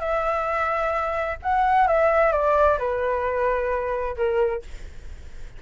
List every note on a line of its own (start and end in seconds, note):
0.00 1.37 E5
1.43 1.87 F#5
1.87 2.32 E5
2.32 2.78 D5
2.79 4.16 B4
4.17 4.62 A#4